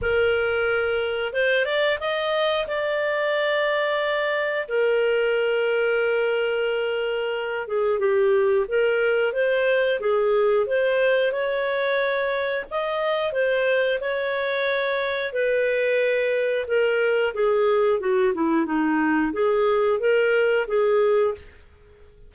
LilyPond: \new Staff \with { instrumentName = "clarinet" } { \time 4/4 \tempo 4 = 90 ais'2 c''8 d''8 dis''4 | d''2. ais'4~ | ais'2.~ ais'8 gis'8 | g'4 ais'4 c''4 gis'4 |
c''4 cis''2 dis''4 | c''4 cis''2 b'4~ | b'4 ais'4 gis'4 fis'8 e'8 | dis'4 gis'4 ais'4 gis'4 | }